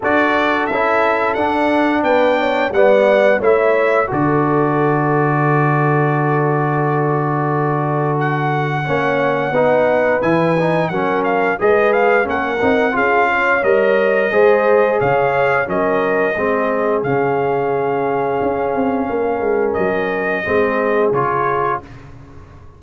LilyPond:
<<
  \new Staff \with { instrumentName = "trumpet" } { \time 4/4 \tempo 4 = 88 d''4 e''4 fis''4 g''4 | fis''4 e''4 d''2~ | d''1 | fis''2. gis''4 |
fis''8 f''8 dis''8 f''8 fis''4 f''4 | dis''2 f''4 dis''4~ | dis''4 f''2.~ | f''4 dis''2 cis''4 | }
  \new Staff \with { instrumentName = "horn" } { \time 4/4 a'2. b'8 cis''8 | d''4 cis''4 a'2~ | a'1~ | a'4 cis''4 b'2 |
ais'4 b'4 ais'4 gis'8 cis''8~ | cis''4 c''4 cis''4 ais'4 | gis'1 | ais'2 gis'2 | }
  \new Staff \with { instrumentName = "trombone" } { \time 4/4 fis'4 e'4 d'2 | b4 e'4 fis'2~ | fis'1~ | fis'4 cis'4 dis'4 e'8 dis'8 |
cis'4 gis'4 cis'8 dis'8 f'4 | ais'4 gis'2 cis'4 | c'4 cis'2.~ | cis'2 c'4 f'4 | }
  \new Staff \with { instrumentName = "tuba" } { \time 4/4 d'4 cis'4 d'4 b4 | g4 a4 d2~ | d1~ | d4 ais4 b4 e4 |
fis4 gis4 ais8 c'8 cis'4 | g4 gis4 cis4 fis4 | gis4 cis2 cis'8 c'8 | ais8 gis8 fis4 gis4 cis4 | }
>>